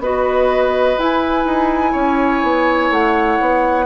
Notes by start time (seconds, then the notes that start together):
0.00 B3 F#4 B4 D#5
0.98 E4 G#5
1.45 D#4
1.92 C#4 C#5
2.43 B3
2.91 A3 F#5
3.41 B3